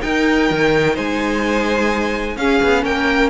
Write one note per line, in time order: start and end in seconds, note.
0.00 2.36 D#4
0.00 0.50 D#4
0.00 0.93 A#4
0.00 0.96 G5
0.50 0.97 D#3
0.93 2.36 G#3
0.93 2.35 C5
0.93 2.37 G#5
2.36 2.60 C#4
2.36 3.29 C#4
2.36 2.83 G#4
2.36 2.84 F5
2.62 2.85 B3
2.83 3.29 A#3
2.83 3.29 A#4
2.83 3.29 G5